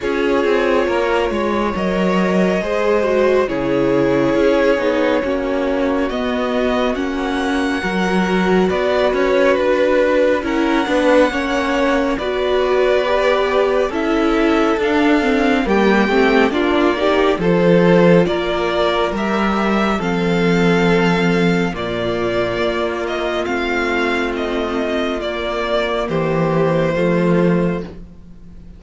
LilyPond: <<
  \new Staff \with { instrumentName = "violin" } { \time 4/4 \tempo 4 = 69 cis''2 dis''2 | cis''2. dis''4 | fis''2 d''8 cis''8 b'4 | fis''2 d''2 |
e''4 f''4 g''4 d''4 | c''4 d''4 e''4 f''4~ | f''4 d''4. dis''8 f''4 | dis''4 d''4 c''2 | }
  \new Staff \with { instrumentName = "violin" } { \time 4/4 gis'4 ais'8 cis''4. c''4 | gis'2 fis'2~ | fis'4 ais'4 b'2 | ais'8 b'8 cis''4 b'2 |
a'2 g'4 f'8 g'8 | a'4 ais'2 a'4~ | a'4 f'2.~ | f'2 g'4 f'4 | }
  \new Staff \with { instrumentName = "viola" } { \time 4/4 f'2 ais'4 gis'8 fis'8 | e'4. dis'8 cis'4 b4 | cis'4 fis'2. | e'8 d'8 cis'4 fis'4 g'4 |
e'4 d'8 c'8 ais8 c'8 d'8 dis'8 | f'2 g'4 c'4~ | c'4 ais2 c'4~ | c'4 ais2 a4 | }
  \new Staff \with { instrumentName = "cello" } { \time 4/4 cis'8 c'8 ais8 gis8 fis4 gis4 | cis4 cis'8 b8 ais4 b4 | ais4 fis4 b8 cis'8 d'4 | cis'8 b8 ais4 b2 |
cis'4 d'4 g8 a8 ais4 | f4 ais4 g4 f4~ | f4 ais,4 ais4 a4~ | a4 ais4 e4 f4 | }
>>